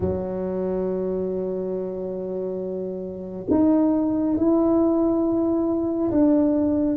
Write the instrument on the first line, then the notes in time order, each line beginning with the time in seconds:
tuba
0.00 F#3
3.50 D#4
4.36 E4
6.11 D4